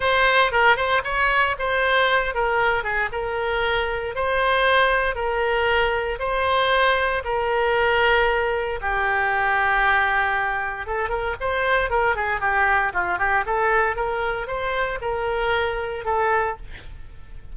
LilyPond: \new Staff \with { instrumentName = "oboe" } { \time 4/4 \tempo 4 = 116 c''4 ais'8 c''8 cis''4 c''4~ | c''8 ais'4 gis'8 ais'2 | c''2 ais'2 | c''2 ais'2~ |
ais'4 g'2.~ | g'4 a'8 ais'8 c''4 ais'8 gis'8 | g'4 f'8 g'8 a'4 ais'4 | c''4 ais'2 a'4 | }